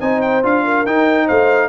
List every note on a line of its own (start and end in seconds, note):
0.00 0.44 C4
0.00 0.43 D#4
0.00 0.65 C5
0.00 0.22 G#5
0.22 0.43 G5
0.43 0.86 D4
0.43 0.86 F4
0.43 0.87 F5
0.65 1.27 A#4
0.86 1.29 D#4
0.86 1.69 D#4
0.86 1.28 G5
1.27 1.69 A3
1.27 1.69 C5
1.27 1.69 F5